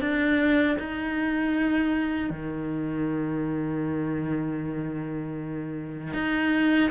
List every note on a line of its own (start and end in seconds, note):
0.00 0.77 D4
0.79 2.30 D#4
2.30 6.13 D#3
6.13 6.90 D#4